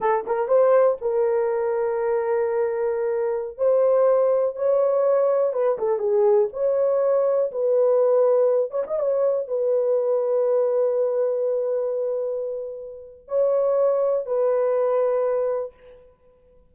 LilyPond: \new Staff \with { instrumentName = "horn" } { \time 4/4 \tempo 4 = 122 a'8 ais'8 c''4 ais'2~ | ais'2.~ ais'16 c''8.~ | c''4~ c''16 cis''2 b'8 a'16~ | a'16 gis'4 cis''2 b'8.~ |
b'4.~ b'16 cis''16 dis''16 cis''4 b'8.~ | b'1~ | b'2. cis''4~ | cis''4 b'2. | }